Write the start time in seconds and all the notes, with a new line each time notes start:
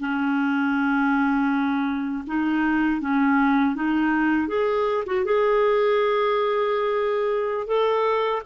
0.00 C#4
2.27 D#4
3.01 C#4
3.76 D#4
4.48 G#4
5.07 F#4
5.25 G#4
7.67 A4